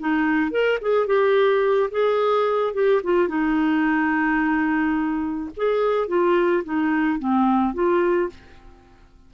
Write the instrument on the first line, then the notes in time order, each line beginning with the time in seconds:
clarinet
0.00 D#4
0.51 A#4
0.82 G#4
1.07 G4
1.91 G#4
2.74 G4
3.04 F4
3.28 D#4
5.57 G#4
6.08 F4
6.64 D#4
7.19 C4
7.74 F4